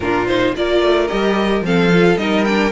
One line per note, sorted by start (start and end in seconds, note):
0.00 0.52 A#2
0.00 0.27 D4
0.00 0.55 F4
0.00 0.27 A#4
0.27 0.54 D#4
0.27 0.54 C5
0.56 0.82 A#3
0.56 1.08 F4
0.56 1.66 A#4
0.56 1.07 D5
0.82 1.09 A3
1.07 1.61 G3
1.07 1.63 G4
1.07 1.62 D#5
1.61 2.15 F3
1.61 1.90 C4
1.61 2.20 A4
1.61 2.17 F5
1.92 2.18 F4
2.16 2.71 G3
2.16 2.45 D#4
2.16 2.71 A#4
2.16 2.44 D#5
2.44 2.71 D4
2.44 2.71 G5